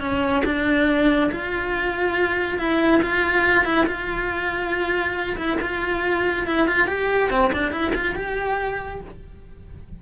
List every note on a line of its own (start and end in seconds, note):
0.00 0.43 C#4
0.44 1.30 D4
1.31 2.58 F4
2.58 3.01 E4
3.02 3.64 F4
3.64 3.86 E4
3.86 5.36 F4
5.36 5.58 E4
5.61 6.47 F4
6.47 6.67 E4
6.67 6.87 F4
6.87 7.30 G4
7.30 7.51 C4
7.53 7.71 D4
7.71 7.93 E4
7.94 8.15 F4
8.15 9.01 G4